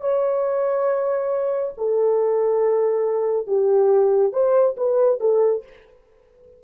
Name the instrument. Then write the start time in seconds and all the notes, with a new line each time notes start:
horn
0.00 C#5
1.77 A4
3.47 G4
4.32 C5
4.77 B4
5.20 A4